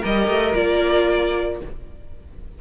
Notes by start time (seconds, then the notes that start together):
0.00 G3 G4 A#4 D#5
0.28 A3
0.54 A#3 F4 D5